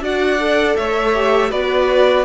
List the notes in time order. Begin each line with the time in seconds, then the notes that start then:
0.00 D4 F#4 D5 F#5
0.39 A4
0.76 A3 C#5 E5
1.14 G4
1.50 B3 F#4 B4 D5